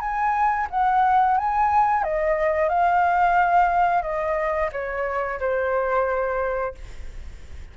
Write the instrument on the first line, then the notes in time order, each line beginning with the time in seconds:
flute
0.00 G#5
0.70 F#5
1.38 G#5
2.03 D#5
2.69 F5
4.03 D#5
4.73 C#5
5.40 C5